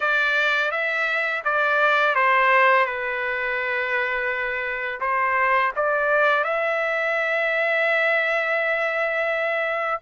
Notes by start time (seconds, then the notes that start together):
0.00 D5
0.71 E5
1.44 D5
2.15 C5
2.85 B4
5.00 C5
5.75 D5
6.44 E5